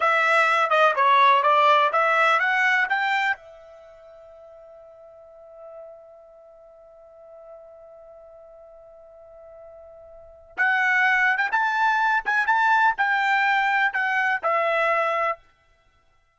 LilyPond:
\new Staff \with { instrumentName = "trumpet" } { \time 4/4 \tempo 4 = 125 e''4. dis''8 cis''4 d''4 | e''4 fis''4 g''4 e''4~ | e''1~ | e''1~ |
e''1~ | e''2 fis''4.~ fis''16 g''16 | a''4. gis''8 a''4 g''4~ | g''4 fis''4 e''2 | }